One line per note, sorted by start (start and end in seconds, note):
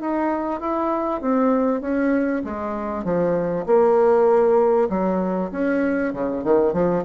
0.00 0.60 D#4
0.60 1.21 E4
1.21 1.81 C4
1.81 2.42 C#4
2.44 3.04 G#3
3.04 3.65 F3
3.66 4.88 A#3
4.90 5.51 F#3
5.51 6.13 C#4
6.13 6.43 C#3
6.44 6.73 D#3
6.73 7.04 F3